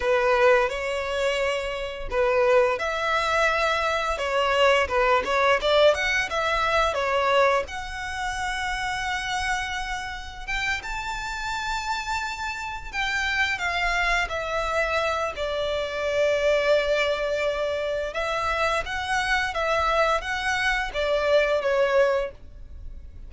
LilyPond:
\new Staff \with { instrumentName = "violin" } { \time 4/4 \tempo 4 = 86 b'4 cis''2 b'4 | e''2 cis''4 b'8 cis''8 | d''8 fis''8 e''4 cis''4 fis''4~ | fis''2. g''8 a''8~ |
a''2~ a''8 g''4 f''8~ | f''8 e''4. d''2~ | d''2 e''4 fis''4 | e''4 fis''4 d''4 cis''4 | }